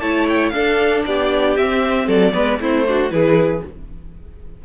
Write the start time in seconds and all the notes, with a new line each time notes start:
0.00 A3 E4 C#5 A5
0.29 G5
0.49 D4 A4 F5
1.05 B3 G4 D5
1.56 C4 E5
2.07 F#3 A4 D5
2.32 G#3 B3 B4
2.59 A3 C4 E4 C5
2.87 D4 F#4
3.10 E3 E4 G#4 B4